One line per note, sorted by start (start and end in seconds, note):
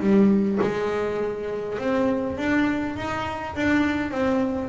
0.00 0.59 G3
0.62 1.79 G#3
1.79 2.38 C4
2.38 2.97 D4
2.97 3.55 D#4
3.56 4.11 D4
4.11 4.69 C4